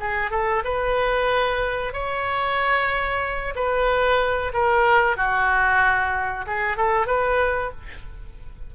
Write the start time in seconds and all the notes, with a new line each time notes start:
0.00 G#4
0.31 A4
0.65 B4
1.93 C#5
3.56 B4
4.54 A#4
5.17 F#4
6.47 G#4
6.77 A4
7.07 B4